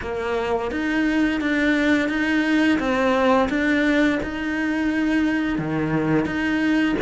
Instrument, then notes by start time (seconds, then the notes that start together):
cello
0.01 A#3
0.71 D#4
1.40 D4
2.09 D#4
2.79 C4
3.49 D4
4.22 D#4
5.58 D#3
6.25 D#4